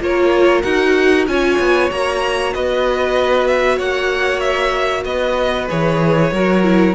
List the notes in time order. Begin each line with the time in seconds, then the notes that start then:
0.00 A#3 F4 A#4 C#5
0.62 D#4 F#4 F#5
1.27 C#4 F4 C#5 G#5
1.59 B3
1.91 A#3 F#4 A#5
2.53 B3 B4 D#5
3.47 E5
3.76 A#3 C#5 F#5
4.40 E5
5.05 B3 B4 D#5
5.69 E3 G#4 C#5
6.32 F#3 F#4 A#4
6.63 E4